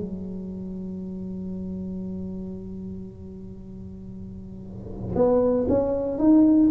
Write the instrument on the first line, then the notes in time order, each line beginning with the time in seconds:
tuba
0.00 F#3
5.16 B3
5.69 C#4
6.18 D#4